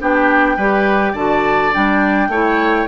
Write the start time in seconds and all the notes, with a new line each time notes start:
0.00 B3 D4 G4 G5
0.57 G3 G4 B4
1.13 D3 F#4 D5 A5
1.72 G3 D4 G5
2.28 A3 E4 C#5